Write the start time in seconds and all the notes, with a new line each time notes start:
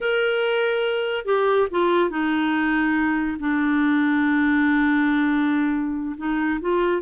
0.00 A#4
1.25 G4
1.70 F4
2.09 D#4
3.39 D4
6.17 D#4
6.61 F4